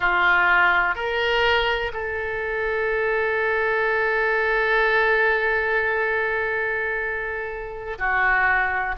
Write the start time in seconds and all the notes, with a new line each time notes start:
0.00 F4
0.95 A#4
1.93 A4
7.98 F#4